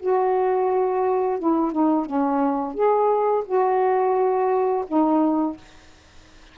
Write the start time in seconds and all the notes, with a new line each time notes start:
0.00 F#4
1.40 E4
1.72 D#4
2.06 C#4
2.74 G#4
3.46 F#4
4.88 D#4